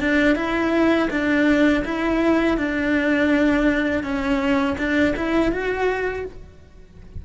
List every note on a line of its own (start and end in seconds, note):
0.00 0.36 D4
0.36 1.09 E4
1.10 1.84 D4
1.85 2.57 E4
2.57 4.03 D4
4.03 4.77 C#4
4.78 5.15 D4
5.17 5.52 E4
5.52 6.25 F#4